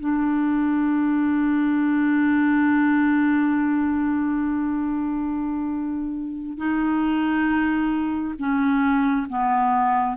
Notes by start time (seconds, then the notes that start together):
0.00 D4
6.58 D#4
8.39 C#4
9.30 B3